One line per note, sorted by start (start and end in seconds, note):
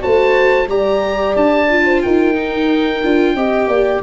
0.00 0.68 A3
0.00 0.67 F#4
0.00 0.69 C5
0.00 0.69 A5
0.68 1.35 G3
0.68 1.69 G4
0.68 1.85 D5
0.68 1.36 A#5
1.36 2.03 D4
1.36 2.03 A5
1.70 2.35 F4
1.85 2.02 C5
2.03 3.05 D#4
2.03 3.36 A#4
2.03 4.03 G5
2.35 3.01 D#4
3.04 3.35 D4
3.04 3.37 F4
3.35 3.67 C4
3.35 4.03 G4
3.35 3.69 D#5
3.67 4.01 A#3
3.67 4.03 D5